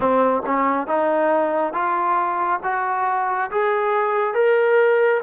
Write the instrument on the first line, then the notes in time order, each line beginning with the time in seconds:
trombone
0.00 C4
0.46 C#4
0.87 D#4
1.73 F4
2.63 F#4
3.51 G#4
4.34 A#4